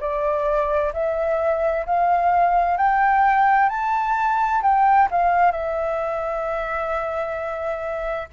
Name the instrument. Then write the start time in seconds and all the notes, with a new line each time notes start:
flute
0.00 D5
0.93 E5
1.86 F5
2.77 G5
3.69 A5
4.62 G5
5.11 F5
5.51 E5